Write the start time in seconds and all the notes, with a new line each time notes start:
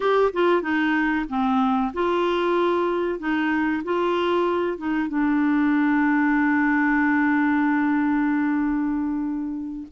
0.00 G4
0.33 F4
0.62 D#4
1.28 C4
1.93 F4
3.19 D#4
3.84 F4
4.77 D#4
5.08 D4